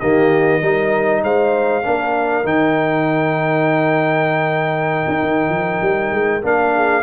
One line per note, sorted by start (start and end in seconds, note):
0.00 0.62 D#3
0.00 0.62 A#3
0.00 0.61 G4
0.00 1.23 D#5
0.61 1.23 G3
0.61 1.83 D#4
0.61 1.22 A#4
1.23 1.84 G#3
1.23 1.84 C5
1.23 2.46 F5
1.83 2.44 A#3
1.83 2.44 D4
1.83 6.74 A#4
2.44 5.04 D#3
2.44 6.42 D#4
2.44 6.44 G5
5.08 5.23 D#4
5.23 5.49 D#3
5.49 5.80 F3
5.81 6.11 G3
6.11 6.42 G#3
6.42 7.03 A#3
6.42 7.03 D4
6.42 7.03 F5
6.75 7.03 G#4